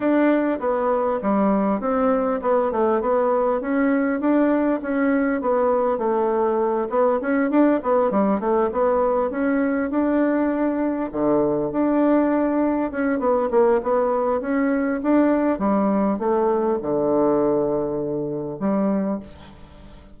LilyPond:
\new Staff \with { instrumentName = "bassoon" } { \time 4/4 \tempo 4 = 100 d'4 b4 g4 c'4 | b8 a8 b4 cis'4 d'4 | cis'4 b4 a4. b8 | cis'8 d'8 b8 g8 a8 b4 cis'8~ |
cis'8 d'2 d4 d'8~ | d'4. cis'8 b8 ais8 b4 | cis'4 d'4 g4 a4 | d2. g4 | }